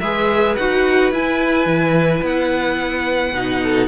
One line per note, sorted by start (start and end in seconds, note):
0.00 0.56 G#3
0.00 0.58 G#4
0.00 3.62 B4
0.00 0.56 E5
0.56 1.12 D#4
0.56 1.12 F#4
0.56 1.12 F#5
1.12 1.66 E4
1.12 3.34 E4
1.12 2.25 G#5
1.66 2.22 E3
2.22 3.33 B3
2.22 3.88 F#5
3.33 3.88 B2
3.33 3.88 D#4
3.63 3.88 A4